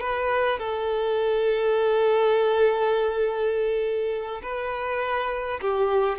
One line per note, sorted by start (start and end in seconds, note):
0.00 0.59 B4
0.59 4.41 A4
4.42 5.60 B4
5.60 6.18 G4